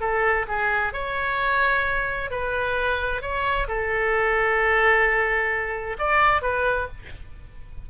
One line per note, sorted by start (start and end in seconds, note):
0.00 0.46 A4
0.48 0.93 G#4
0.93 2.30 C#5
2.30 3.22 B4
3.22 3.67 C#5
3.68 5.97 A4
5.98 6.42 D5
6.42 6.88 B4